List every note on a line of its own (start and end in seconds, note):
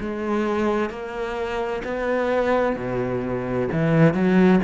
0.00 0.90 G#3
0.90 1.82 A#3
1.84 2.76 B3
2.76 3.68 B2
3.72 4.14 E3
4.14 4.60 F#3